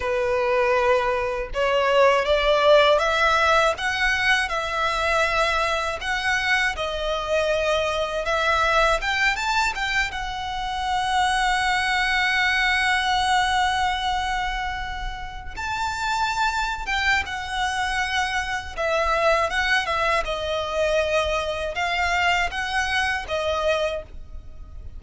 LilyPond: \new Staff \with { instrumentName = "violin" } { \time 4/4 \tempo 4 = 80 b'2 cis''4 d''4 | e''4 fis''4 e''2 | fis''4 dis''2 e''4 | g''8 a''8 g''8 fis''2~ fis''8~ |
fis''1~ | fis''8. a''4.~ a''16 g''8 fis''4~ | fis''4 e''4 fis''8 e''8 dis''4~ | dis''4 f''4 fis''4 dis''4 | }